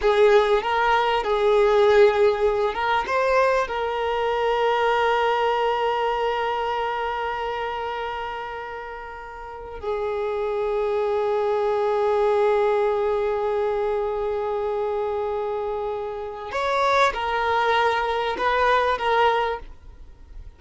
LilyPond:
\new Staff \with { instrumentName = "violin" } { \time 4/4 \tempo 4 = 98 gis'4 ais'4 gis'2~ | gis'8 ais'8 c''4 ais'2~ | ais'1~ | ais'1 |
gis'1~ | gis'1~ | gis'2. cis''4 | ais'2 b'4 ais'4 | }